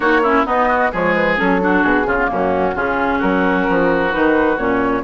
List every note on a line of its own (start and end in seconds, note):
0.00 0.44 A#3
0.00 0.23 D#4
0.00 0.20 F#4
0.00 0.43 C#5
0.23 0.45 C#4
0.23 0.45 E4
0.45 0.91 B3
0.45 0.92 B3
0.45 0.68 D#4
0.45 0.92 D#5
0.68 0.91 F#4
0.92 1.39 F3
0.92 1.37 G#3
0.92 1.60 G#4
0.92 1.14 C#5
1.14 1.37 B4
1.37 1.83 F#3
1.37 1.60 C#4
1.37 1.82 A4
1.60 2.05 D4
1.60 2.07 F#4
1.82 2.06 B2
1.82 2.28 G#4
2.05 2.29 C#3
2.05 2.17 C#4
2.05 2.29 F4
2.18 2.25 B3
2.25 2.71 A#3
2.25 2.74 C#4
2.31 2.75 F#2
2.31 2.77 F#4
2.74 3.21 C#3
2.74 4.11 C#4
2.74 3.18 F4
2.74 3.21 G#4
3.18 3.68 F#3
3.18 5.01 F#4
3.18 4.12 A#4
3.68 4.14 F3
4.11 4.56 D#3
4.11 4.57 D#4
4.11 4.57 B4
4.56 5.02 A#2
4.56 5.03 C#4
4.56 5.03 C#5